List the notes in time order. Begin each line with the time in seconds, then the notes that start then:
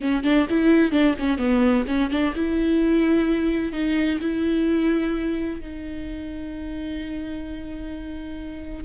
0.01 C#4
0.23 D4
0.49 E4
0.91 D4
1.19 C#4
1.38 B3
1.87 C#4
2.10 D4
2.35 E4
3.72 D#4
4.21 E4
5.60 D#4